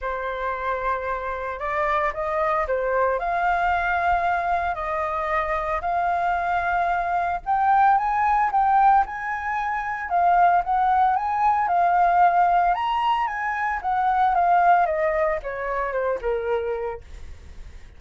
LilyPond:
\new Staff \with { instrumentName = "flute" } { \time 4/4 \tempo 4 = 113 c''2. d''4 | dis''4 c''4 f''2~ | f''4 dis''2 f''4~ | f''2 g''4 gis''4 |
g''4 gis''2 f''4 | fis''4 gis''4 f''2 | ais''4 gis''4 fis''4 f''4 | dis''4 cis''4 c''8 ais'4. | }